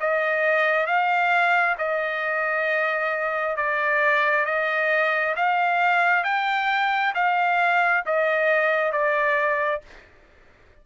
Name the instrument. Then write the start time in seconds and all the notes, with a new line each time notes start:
trumpet
0.00 D#5
0.86 F5
1.78 D#5
3.57 D5
4.46 D#5
5.36 F5
6.24 G5
7.14 F5
8.06 D#5
8.92 D5